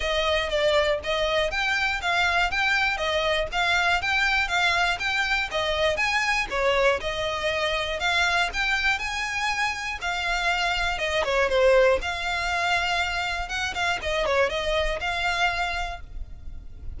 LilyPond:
\new Staff \with { instrumentName = "violin" } { \time 4/4 \tempo 4 = 120 dis''4 d''4 dis''4 g''4 | f''4 g''4 dis''4 f''4 | g''4 f''4 g''4 dis''4 | gis''4 cis''4 dis''2 |
f''4 g''4 gis''2 | f''2 dis''8 cis''8 c''4 | f''2. fis''8 f''8 | dis''8 cis''8 dis''4 f''2 | }